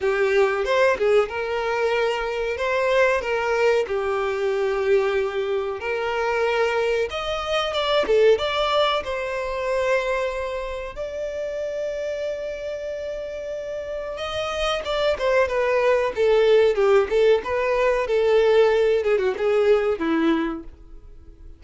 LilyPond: \new Staff \with { instrumentName = "violin" } { \time 4/4 \tempo 4 = 93 g'4 c''8 gis'8 ais'2 | c''4 ais'4 g'2~ | g'4 ais'2 dis''4 | d''8 a'8 d''4 c''2~ |
c''4 d''2.~ | d''2 dis''4 d''8 c''8 | b'4 a'4 g'8 a'8 b'4 | a'4. gis'16 fis'16 gis'4 e'4 | }